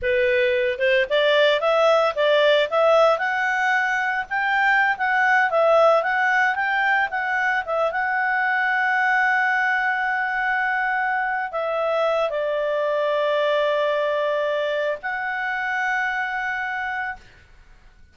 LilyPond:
\new Staff \with { instrumentName = "clarinet" } { \time 4/4 \tempo 4 = 112 b'4. c''8 d''4 e''4 | d''4 e''4 fis''2 | g''4~ g''16 fis''4 e''4 fis''8.~ | fis''16 g''4 fis''4 e''8 fis''4~ fis''16~ |
fis''1~ | fis''4. e''4. d''4~ | d''1 | fis''1 | }